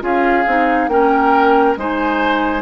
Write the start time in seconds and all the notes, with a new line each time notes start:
0.00 C#4 F4 G#4 F5
0.46 C4 D#4
0.87 A#3 C#4 A#4 G5
1.76 G#3 D#4 C5 G#5